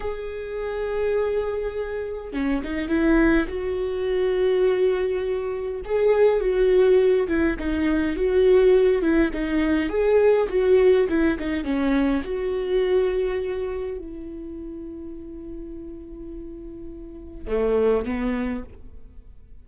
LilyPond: \new Staff \with { instrumentName = "viola" } { \time 4/4 \tempo 4 = 103 gis'1 | cis'8 dis'8 e'4 fis'2~ | fis'2 gis'4 fis'4~ | fis'8 e'8 dis'4 fis'4. e'8 |
dis'4 gis'4 fis'4 e'8 dis'8 | cis'4 fis'2. | e'1~ | e'2 a4 b4 | }